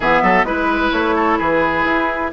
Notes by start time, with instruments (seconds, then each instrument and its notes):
0.00 bassoon E3, clarinet B3, oboe G#4, flute E5
0.22 bassoon F#3, oboe A4
0.44 bassoon G#3, clarinet E4, flute B4, oboe B4
0.91 bassoon A3, flute C#5
1.15 oboe A4
1.38 bassoon E3, oboe G#4, flute B4
1.84 bassoon E4